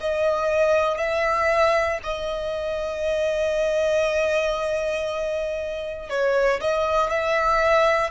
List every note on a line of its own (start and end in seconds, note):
0.00 0.98 D#5
0.98 1.99 E5
2.03 6.09 D#5
6.09 6.60 C#5
6.61 7.10 D#5
7.10 8.10 E5